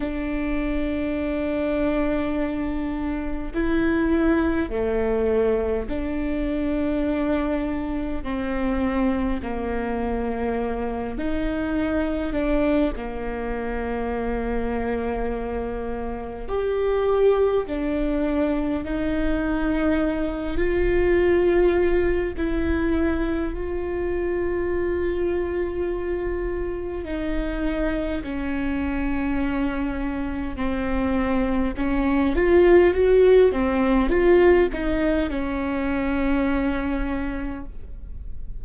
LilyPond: \new Staff \with { instrumentName = "viola" } { \time 4/4 \tempo 4 = 51 d'2. e'4 | a4 d'2 c'4 | ais4. dis'4 d'8 ais4~ | ais2 g'4 d'4 |
dis'4. f'4. e'4 | f'2. dis'4 | cis'2 c'4 cis'8 f'8 | fis'8 c'8 f'8 dis'8 cis'2 | }